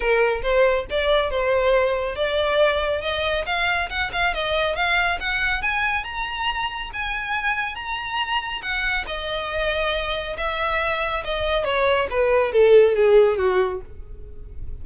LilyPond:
\new Staff \with { instrumentName = "violin" } { \time 4/4 \tempo 4 = 139 ais'4 c''4 d''4 c''4~ | c''4 d''2 dis''4 | f''4 fis''8 f''8 dis''4 f''4 | fis''4 gis''4 ais''2 |
gis''2 ais''2 | fis''4 dis''2. | e''2 dis''4 cis''4 | b'4 a'4 gis'4 fis'4 | }